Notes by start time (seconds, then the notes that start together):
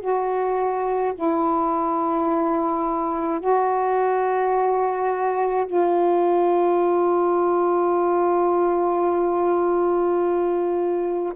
0.00 F#4
1.15 E4
3.40 F#4
5.67 F4